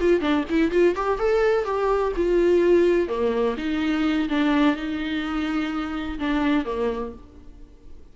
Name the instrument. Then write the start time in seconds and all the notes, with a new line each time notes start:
viola
0.00 F4
0.20 D4
0.50 E4
0.71 F4
0.95 G4
1.19 A4
1.65 G4
2.16 F4
3.08 A#3
3.57 D#4
4.29 D4
4.76 D#4
6.19 D4
6.65 A#3